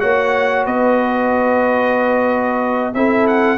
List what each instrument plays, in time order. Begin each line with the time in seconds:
0.00 tuba A#3, trombone F#4, horn C#5, trumpet F#5
0.65 tuba B3, horn B4, trumpet D#5
2.94 tuba C4, trombone E4, horn A4, trumpet E5
3.27 trumpet F#5